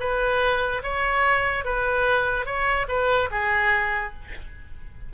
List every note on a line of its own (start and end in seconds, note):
0.00 0.82 B4
0.83 1.65 C#5
1.65 2.46 B4
2.46 2.87 C#5
2.88 3.30 B4
3.31 4.13 G#4